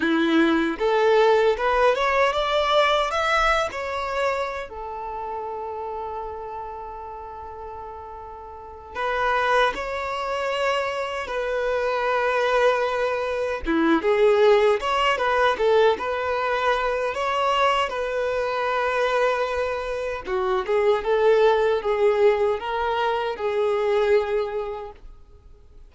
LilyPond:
\new Staff \with { instrumentName = "violin" } { \time 4/4 \tempo 4 = 77 e'4 a'4 b'8 cis''8 d''4 | e''8. cis''4~ cis''16 a'2~ | a'2.~ a'8 b'8~ | b'8 cis''2 b'4.~ |
b'4. e'8 gis'4 cis''8 b'8 | a'8 b'4. cis''4 b'4~ | b'2 fis'8 gis'8 a'4 | gis'4 ais'4 gis'2 | }